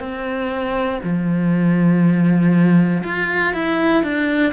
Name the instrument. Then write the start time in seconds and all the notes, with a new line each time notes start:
cello
0.00 C4
1.03 F3
3.04 F4
3.54 E4
4.04 D4